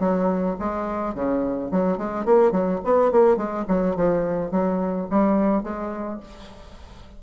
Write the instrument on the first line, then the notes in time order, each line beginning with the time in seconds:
bassoon
0.00 F#3
0.59 G#3
1.15 C#3
1.71 F#3
1.98 G#3
2.26 A#3
2.52 F#3
2.85 B3
3.12 A#3
3.37 G#3
3.68 F#3
3.96 F3
4.52 F#3
5.10 G3
5.64 G#3